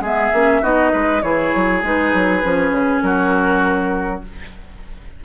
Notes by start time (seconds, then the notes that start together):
0.00 G#3 B3 G#4 E5
0.34 A#3 C#4
0.62 B3 D#4 F#4 D#5
0.93 G#3 B4
1.23 E3 E4 G#4 C#5
1.56 F#3
1.83 G#3 D#4 B4
2.14 F#3
2.43 F3 C#4
2.71 C#3
3.02 F#3 F#4 A#4